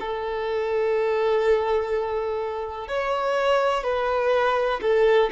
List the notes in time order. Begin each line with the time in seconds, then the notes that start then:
0.00 A4
2.88 C#5
3.84 B4
4.82 A4